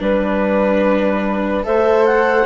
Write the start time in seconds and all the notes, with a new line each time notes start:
0.00 G3 D4 B4
1.64 A3 A4 C5 E5
2.06 F#5